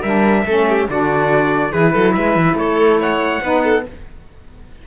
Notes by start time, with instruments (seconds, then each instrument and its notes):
0.00 cello G3, saxophone D4, violin A#4, trumpet E5
0.45 cello A3, saxophone C#4, violin A4
0.68 violin G4
0.88 cello D3, saxophone D4, violin F#4, trumpet D5
1.71 cello E3, saxophone E4, violin G#4, trumpet B4
1.92 cello F#3, violin A4
2.12 cello G#3, violin B4, trumpet E5
2.36 cello E3
2.53 cello A3, violin A4, trumpet C#5
3.00 violin C#5, trumpet F#5
3.42 cello B3, saxophone D#4, violin B4
3.63 violin A4